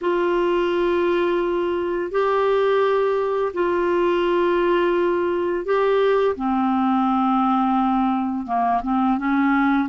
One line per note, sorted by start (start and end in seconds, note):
0.01 2.11 F4
2.11 3.52 G4
3.53 5.65 F4
5.65 6.35 G4
6.36 8.46 C4
8.46 8.81 A#3
8.82 9.18 C4
9.18 9.88 C#4